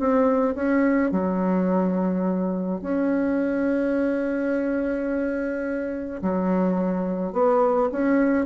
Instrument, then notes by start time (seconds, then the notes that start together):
bassoon
0.00 C4
0.55 C#4
1.12 F#3
2.82 C#4
6.22 F#3
7.33 B3
7.92 C#4